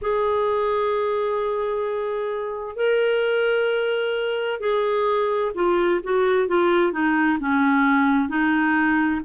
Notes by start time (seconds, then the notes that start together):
0.01 G#4
2.76 A#4
4.59 G#4
5.54 F4
6.03 F#4
6.47 F4
6.92 D#4
7.39 C#4
8.28 D#4